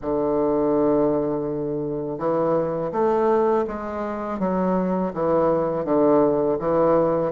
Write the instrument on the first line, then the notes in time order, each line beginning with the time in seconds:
bassoon
0.01 D3
2.18 E3
2.92 A3
3.67 G#3
4.39 F#3
5.13 E3
5.84 D3
6.59 E3